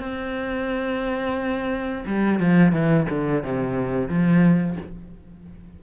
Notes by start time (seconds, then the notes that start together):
0.00 C4
2.07 G3
2.40 F3
2.72 E3
3.10 D3
3.43 C3
4.09 F3